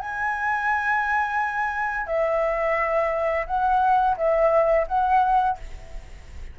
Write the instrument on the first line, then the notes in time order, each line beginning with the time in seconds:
flute
0.00 G#5
2.07 E5
3.47 F#5
4.17 E5
4.88 F#5